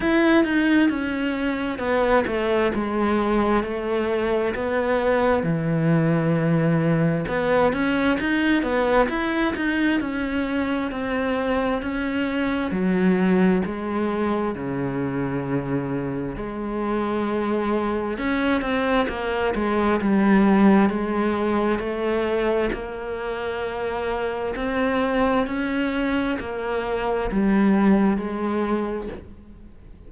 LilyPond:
\new Staff \with { instrumentName = "cello" } { \time 4/4 \tempo 4 = 66 e'8 dis'8 cis'4 b8 a8 gis4 | a4 b4 e2 | b8 cis'8 dis'8 b8 e'8 dis'8 cis'4 | c'4 cis'4 fis4 gis4 |
cis2 gis2 | cis'8 c'8 ais8 gis8 g4 gis4 | a4 ais2 c'4 | cis'4 ais4 g4 gis4 | }